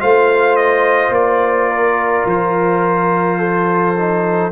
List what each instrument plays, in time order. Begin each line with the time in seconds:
0.00 tuba A3, trombone F4, horn C5, trumpet F5
0.57 trumpet D#5
1.10 tuba A#3, trumpet D5
1.71 horn A#4
2.26 tuba F3, trumpet C5
3.39 horn A4
3.98 trombone D#4